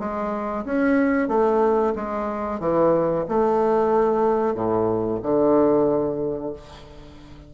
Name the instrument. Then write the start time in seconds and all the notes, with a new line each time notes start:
bassoon
0.00 G#3
0.65 C#4
1.28 A3
1.96 G#3
2.60 E3
3.29 A3
4.55 A2
5.23 D3